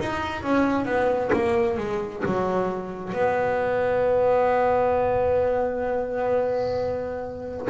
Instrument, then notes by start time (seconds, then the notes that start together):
double bass
0.00 D#4
0.43 C#4
0.86 B3
1.33 A#3
1.78 G#3
2.26 F#3
3.13 B3